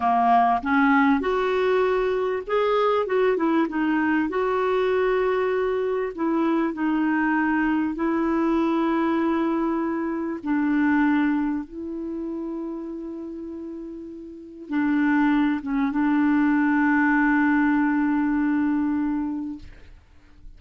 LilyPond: \new Staff \with { instrumentName = "clarinet" } { \time 4/4 \tempo 4 = 98 ais4 cis'4 fis'2 | gis'4 fis'8 e'8 dis'4 fis'4~ | fis'2 e'4 dis'4~ | dis'4 e'2.~ |
e'4 d'2 e'4~ | e'1 | d'4. cis'8 d'2~ | d'1 | }